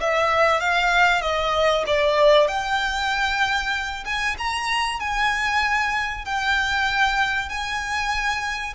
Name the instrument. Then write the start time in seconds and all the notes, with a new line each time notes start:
violin
0.00 E5
0.60 F5
1.22 D#5
1.87 D5
2.48 G5
4.05 G#5
4.38 A#5
5.00 G#5
6.25 G5
7.49 G#5